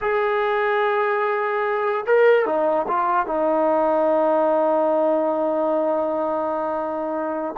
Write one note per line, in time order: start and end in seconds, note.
0.01 2.05 G#4
2.06 2.45 A#4
2.45 2.86 D#4
2.88 3.26 F4
3.26 7.55 D#4